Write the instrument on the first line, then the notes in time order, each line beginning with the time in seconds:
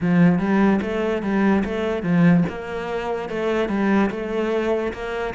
cello
0.00 F3
0.38 G3
0.81 A3
1.22 G3
1.64 A3
2.02 F3
2.48 A#3
3.29 A3
3.68 G3
4.10 A3
4.93 A#3